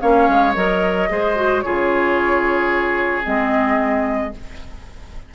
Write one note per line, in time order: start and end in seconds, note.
0.00 0.28 A#3
0.00 0.54 C#4
0.00 1.09 C#5
0.00 0.54 F5
0.28 0.55 G#3
0.55 1.09 F#3
0.55 1.09 A#4
0.55 1.61 D#5
1.09 1.64 G#3
1.09 1.35 G#4
1.09 1.64 C5
1.35 1.62 F#4
1.61 3.26 C#3
1.61 3.23 F4
1.61 4.34 G#4
1.61 3.23 C#5
3.23 4.34 G#3
3.23 4.31 C4
3.23 4.34 D#5